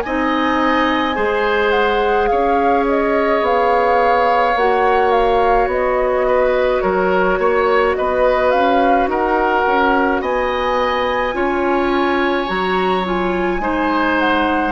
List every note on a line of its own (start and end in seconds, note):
0.00 1.17 C4
0.00 1.13 D#4
0.00 1.15 D#5
0.00 1.70 G#5
1.13 2.30 G#3
1.13 4.53 G#4
1.13 2.28 C5
1.70 2.27 F#5
2.27 3.41 C#4
2.27 6.27 C#5
2.27 2.83 F5
2.88 3.45 D#5
3.41 4.54 B3
3.41 4.57 F5
4.55 5.67 A#3
4.55 11.33 F#4
4.55 5.11 F#5
5.11 5.67 F5
5.67 6.80 B3
5.67 6.80 D#5
6.27 6.82 B4
6.80 7.38 F#3
6.80 7.38 A#4
6.80 7.94 C#5
7.38 7.95 A#3
7.38 7.96 C#5
7.94 8.53 B3
7.94 9.10 B4
7.94 8.50 D#5
8.50 9.07 C#4
8.50 9.07 F5
9.07 9.63 D#4
9.07 10.21 A#4
9.07 10.22 F#5
9.66 10.21 C#4
10.21 11.34 B3
10.21 11.34 D#5
10.21 12.48 G#5
11.33 12.47 C#4
11.33 12.46 F4
11.33 13.61 C#5
12.46 13.59 F#3
12.46 13.03 F#4
12.46 13.05 A#5
13.04 13.59 F4
13.04 14.19 G#5
13.59 14.72 G#3
13.59 14.72 D#4
13.59 14.72 C5
14.19 14.72 F#5